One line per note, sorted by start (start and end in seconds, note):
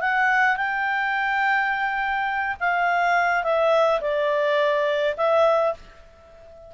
0.00 0.56 F#5
0.56 2.56 G5
2.60 3.43 F5
3.43 4.00 E5
4.01 5.15 D5
5.17 5.74 E5